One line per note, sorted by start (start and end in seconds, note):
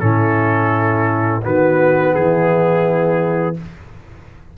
0.00 1.42 A2
0.00 1.41 C#4
0.00 1.44 E4
0.00 1.41 A4
1.42 2.16 D#3
1.42 3.54 B3
1.42 2.15 F#4
1.42 2.15 B4
2.15 3.57 E3
2.15 3.57 E4
2.15 3.56 G#4